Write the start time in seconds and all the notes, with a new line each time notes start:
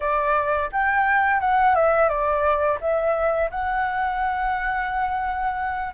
0.00 D5
0.72 G5
1.40 F#5
1.75 E5
2.08 D5
2.80 E5
3.50 F#5